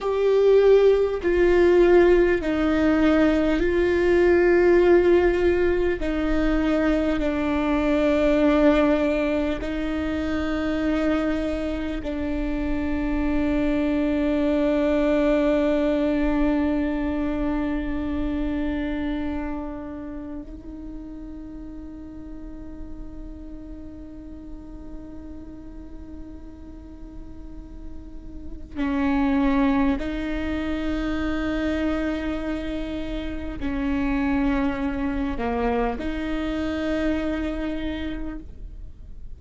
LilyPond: \new Staff \with { instrumentName = "viola" } { \time 4/4 \tempo 4 = 50 g'4 f'4 dis'4 f'4~ | f'4 dis'4 d'2 | dis'2 d'2~ | d'1~ |
d'4 dis'2.~ | dis'1 | cis'4 dis'2. | cis'4. ais8 dis'2 | }